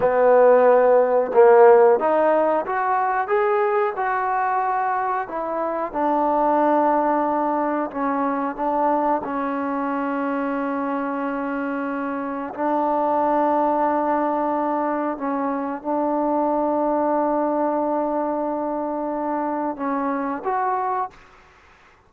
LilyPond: \new Staff \with { instrumentName = "trombone" } { \time 4/4 \tempo 4 = 91 b2 ais4 dis'4 | fis'4 gis'4 fis'2 | e'4 d'2. | cis'4 d'4 cis'2~ |
cis'2. d'4~ | d'2. cis'4 | d'1~ | d'2 cis'4 fis'4 | }